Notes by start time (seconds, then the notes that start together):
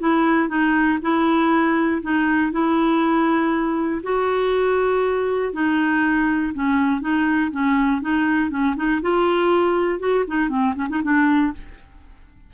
0.00 E4
0.49 D#4
1.02 E4
2.02 D#4
2.52 E4
4.03 F#4
5.53 D#4
6.54 C#4
7.01 D#4
7.51 C#4
8.01 D#4
8.50 C#4
8.76 D#4
9.02 F4
10.00 F#4
10.28 D#4
10.49 C4
10.75 C#4
10.90 D#4
11.03 D4